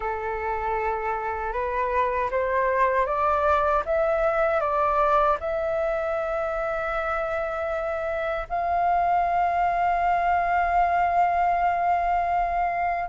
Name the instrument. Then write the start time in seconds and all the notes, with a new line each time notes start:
flute
0.00 A4
1.52 B4
2.30 C5
3.06 D5
3.85 E5
4.60 D5
5.40 E5
8.49 F5